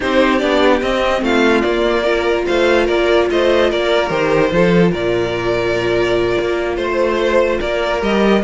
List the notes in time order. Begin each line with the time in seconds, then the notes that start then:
0.00 C4 D#4 G4 C5
0.38 B3 D4 D5
0.81 C4 D#5
1.22 A3 F4 F5
1.61 A#3 D5
2.03 F4 A#4
2.46 A3 C5 F5
2.85 A#3 A#4 D5
3.30 A3 C5 D#5
3.70 A#3 A#4 D5
4.08 D#3 G4 C5
4.51 F3 F4 A4
4.91 A#2 A#4 D5
6.40 A#3
6.75 A3 C5
7.60 A#3 A#4 D5
8.00 G3 G4 D#5